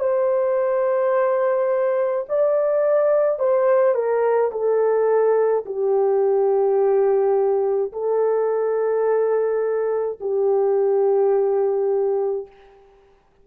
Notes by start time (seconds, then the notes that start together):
0.00 C5
2.29 D5
3.40 C5
3.95 A#4
4.52 A4
5.66 G4
7.92 A4
10.21 G4